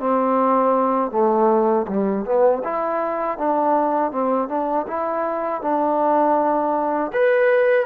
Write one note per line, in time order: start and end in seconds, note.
0.00 1.12 C4
1.12 1.87 A3
1.88 2.25 G3
2.25 2.63 B3
2.64 3.39 E4
3.39 4.12 D4
4.12 4.49 C4
4.49 4.86 D4
4.88 5.62 E4
5.62 7.12 D4
7.13 7.86 B4